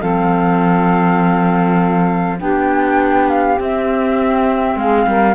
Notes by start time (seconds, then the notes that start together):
0.00 F3 C4 A4 F5
2.38 B3 D4 G4 G5
3.29 F5
3.56 C4 E5
4.76 G#3 G#4 F5
5.06 G3 A#4